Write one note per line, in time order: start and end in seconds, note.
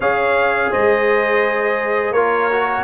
0.00 0.71 C#4
0.00 2.15 G#4
0.00 0.71 C#5
0.00 0.72 F5
0.71 2.10 G#3
0.71 2.13 C5
0.71 2.12 D#5
2.10 2.82 A#3
2.10 2.50 F4
2.10 2.84 A#4
2.10 2.84 C#5
2.51 2.84 F#4